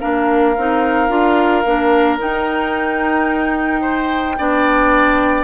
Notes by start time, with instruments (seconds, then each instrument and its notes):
0.00 bassoon A#3, clarinet D4, oboe A#4, flute F5
0.57 bassoon C4, clarinet D#4
1.09 bassoon D4, clarinet F4
1.65 bassoon A#3, clarinet D4
2.19 clarinet D#4, bassoon D#4, flute G5
3.82 oboe C5
4.38 bassoon B3, clarinet D4, oboe D5